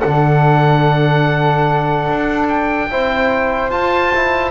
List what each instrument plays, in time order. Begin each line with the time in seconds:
0.00 double bass D3, trombone D4, flute A4, oboe F#5
2.09 double bass D4
2.48 oboe G5
2.91 double bass C4, trombone E4, flute C5
3.69 double bass F4, trombone F4, oboe A5
4.15 trombone E4